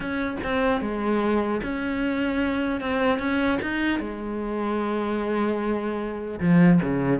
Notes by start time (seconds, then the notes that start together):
0.00 C#4
0.43 C4
0.81 G#3
1.62 C#4
2.80 C4
3.18 C#4
3.61 D#4
3.99 G#3
6.40 F3
6.82 C#3